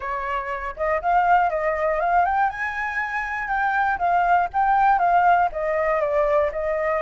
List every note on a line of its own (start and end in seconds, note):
0.00 0.75 C#5
0.76 1.01 D#5
1.01 1.50 F5
1.50 2.00 D#5
2.00 2.25 F5
2.25 2.50 G5
2.50 3.48 G#5
3.48 3.98 G5
3.98 4.48 F5
4.53 4.98 G5
4.98 5.48 F5
5.52 6.00 D#5
6.00 6.50 D5
6.52 7.01 D#5